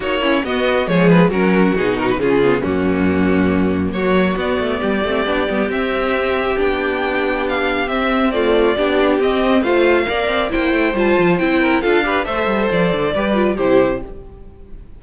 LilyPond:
<<
  \new Staff \with { instrumentName = "violin" } { \time 4/4 \tempo 4 = 137 cis''4 dis''4 cis''8 b'8 ais'4 | gis'8 ais'16 b'16 gis'4 fis'2~ | fis'4 cis''4 d''2~ | d''4 e''2 g''4~ |
g''4 f''4 e''4 d''4~ | d''4 dis''4 f''2 | g''4 a''4 g''4 f''4 | e''4 d''2 c''4 | }
  \new Staff \with { instrumentName = "violin" } { \time 4/4 fis'8 e'8 fis'4 gis'4 fis'4~ | fis'4 f'4 cis'2~ | cis'4 fis'2 g'4~ | g'1~ |
g'2. f'4 | g'2 c''4 d''4 | c''2~ c''8 ais'8 a'8 b'8 | c''2 b'4 g'4 | }
  \new Staff \with { instrumentName = "viola" } { \time 4/4 dis'8 cis'8 b4 gis4 cis'4 | dis'4 cis'8 b8 ais2~ | ais2 b4. c'8 | d'8 b8 c'2 d'4~ |
d'2 c'4 a4 | d'4 c'4 f'4 ais'4 | e'4 f'4 e'4 f'8 g'8 | a'2 g'8 f'8 e'4 | }
  \new Staff \with { instrumentName = "cello" } { \time 4/4 ais4 b4 f4 fis4 | b,4 cis4 fis,2~ | fis,4 fis4 b8 a8 g8 a8 | b8 g8 c'2 b4~ |
b2 c'2 | b4 c'4 a4 ais8 c'8 | ais8 a8 g8 f8 c'4 d'4 | a8 g8 f8 d8 g4 c4 | }
>>